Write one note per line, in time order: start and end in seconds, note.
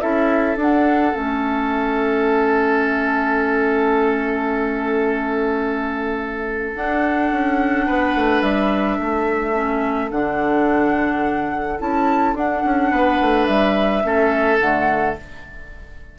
0.00 0.56 C#4
0.00 0.56 E4
0.00 7.86 A4
0.00 0.57 E5
0.56 1.12 D4
0.56 1.13 D4
0.56 1.15 F#5
1.13 6.75 A3
1.13 6.73 C#4
1.13 6.76 E5
6.75 7.31 D4
6.75 9.54 D4
6.75 8.42 F#5
7.31 7.87 C#4
7.86 8.16 B3
7.86 8.98 B4
8.16 8.42 A3
8.42 8.98 G3
8.42 10.10 E5
8.98 10.11 A3
8.98 12.91 A4
9.54 10.10 C#4
10.11 11.79 D3
10.11 11.79 D4
10.11 11.79 F#5
11.79 12.34 C#4
11.79 12.35 E4
11.79 12.36 A5
12.34 12.62 D4
12.34 14.03 D4
12.34 13.46 F#5
12.64 12.91 C#4
12.91 13.19 B3
12.91 14.03 B4
13.21 13.48 A3
13.46 14.04 G3
13.46 14.58 E5
14.03 14.60 A3
14.03 14.59 C#4
14.03 15.18 A4
14.60 15.16 D3
14.60 15.17 A3
14.60 15.16 F#5